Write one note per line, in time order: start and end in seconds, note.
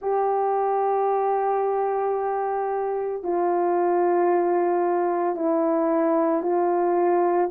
0.01 3.23 G4
3.23 5.35 F4
5.35 6.42 E4
6.42 7.49 F4